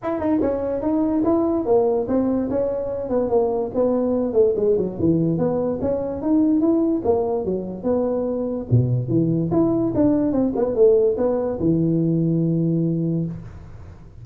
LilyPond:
\new Staff \with { instrumentName = "tuba" } { \time 4/4 \tempo 4 = 145 e'8 dis'8 cis'4 dis'4 e'4 | ais4 c'4 cis'4. b8 | ais4 b4. a8 gis8 fis8 | e4 b4 cis'4 dis'4 |
e'4 ais4 fis4 b4~ | b4 b,4 e4 e'4 | d'4 c'8 b8 a4 b4 | e1 | }